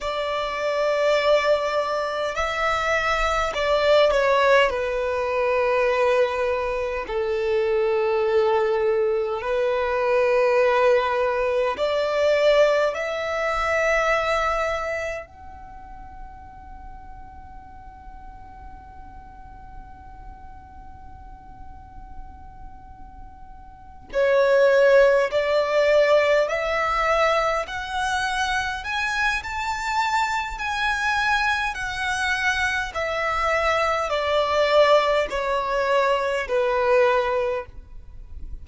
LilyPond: \new Staff \with { instrumentName = "violin" } { \time 4/4 \tempo 4 = 51 d''2 e''4 d''8 cis''8 | b'2 a'2 | b'2 d''4 e''4~ | e''4 fis''2.~ |
fis''1~ | fis''8 cis''4 d''4 e''4 fis''8~ | fis''8 gis''8 a''4 gis''4 fis''4 | e''4 d''4 cis''4 b'4 | }